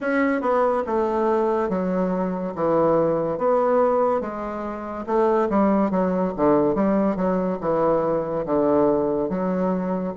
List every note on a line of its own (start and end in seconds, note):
0.00 0.41 C#4
0.41 0.83 B3
0.86 1.69 A3
1.69 2.54 F#3
2.55 3.38 E3
3.38 4.20 B3
4.20 5.05 G#3
5.06 5.48 A3
5.49 5.90 G3
5.90 6.33 F#3
6.36 6.75 D3
6.75 7.16 G3
7.16 7.58 F#3
7.61 8.45 E3
8.45 9.29 D3
9.29 10.13 F#3